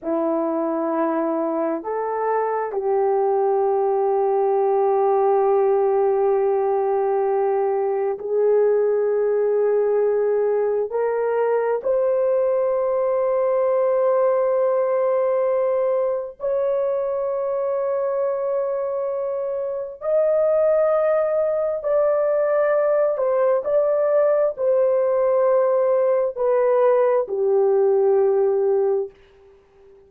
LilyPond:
\new Staff \with { instrumentName = "horn" } { \time 4/4 \tempo 4 = 66 e'2 a'4 g'4~ | g'1~ | g'4 gis'2. | ais'4 c''2.~ |
c''2 cis''2~ | cis''2 dis''2 | d''4. c''8 d''4 c''4~ | c''4 b'4 g'2 | }